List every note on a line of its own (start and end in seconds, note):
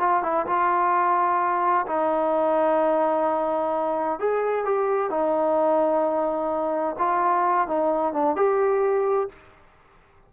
0.00 0.23 F4
0.23 0.46 E4
0.47 1.86 F4
1.87 4.19 D#4
4.19 4.65 G#4
4.65 5.10 G4
5.10 6.96 D#4
6.99 7.68 F4
7.68 8.14 D#4
8.14 8.36 D4
8.36 9.29 G4